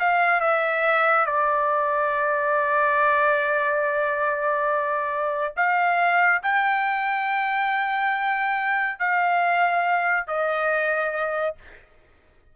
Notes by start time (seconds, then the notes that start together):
0.00 F5
0.41 E5
1.26 D5
5.57 F5
6.43 G5
9.00 F5
10.27 D#5